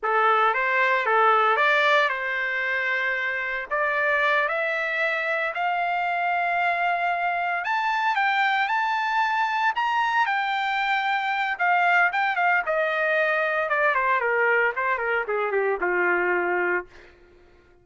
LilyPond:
\new Staff \with { instrumentName = "trumpet" } { \time 4/4 \tempo 4 = 114 a'4 c''4 a'4 d''4 | c''2. d''4~ | d''8 e''2 f''4.~ | f''2~ f''8 a''4 g''8~ |
g''8 a''2 ais''4 g''8~ | g''2 f''4 g''8 f''8 | dis''2 d''8 c''8 ais'4 | c''8 ais'8 gis'8 g'8 f'2 | }